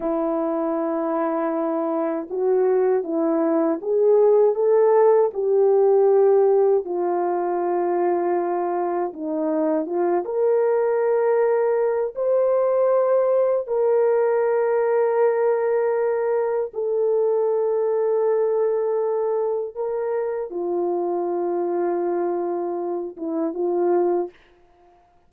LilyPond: \new Staff \with { instrumentName = "horn" } { \time 4/4 \tempo 4 = 79 e'2. fis'4 | e'4 gis'4 a'4 g'4~ | g'4 f'2. | dis'4 f'8 ais'2~ ais'8 |
c''2 ais'2~ | ais'2 a'2~ | a'2 ais'4 f'4~ | f'2~ f'8 e'8 f'4 | }